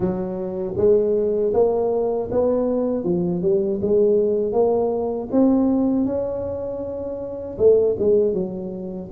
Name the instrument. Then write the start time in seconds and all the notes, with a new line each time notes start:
tuba
0.00 F#3
0.77 G#3
1.53 A#3
2.31 B3
3.04 F3
3.42 G3
3.81 G#3
4.52 A#3
5.31 C4
6.05 C#4
7.57 A3
7.99 G#3
8.33 F#3